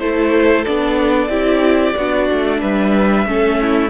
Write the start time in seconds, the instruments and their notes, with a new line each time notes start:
0.00 cello A3, viola E4, violin A4 C5
0.65 cello B3, viola D4, violin D5
1.29 cello C4, viola E4, violin G4
1.96 cello B3, viola D4, violin F#4
2.33 cello A3
2.61 cello G3, violin B4 E5
3.27 cello A3, viola C#4, violin A4
3.62 violin E4